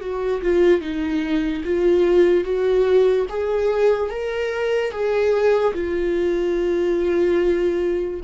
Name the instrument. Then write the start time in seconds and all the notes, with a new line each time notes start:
viola
0.00 F#4
0.41 F4
0.81 D#4
1.64 F4
2.44 F#4
3.29 G#4
4.09 A#4
4.91 G#4
5.73 F4